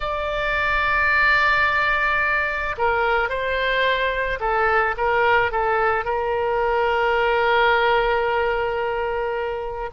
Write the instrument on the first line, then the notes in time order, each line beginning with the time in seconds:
oboe
0.00 D5
2.77 A#4
3.29 C5
4.40 A4
4.97 A#4
5.51 A4
6.05 A#4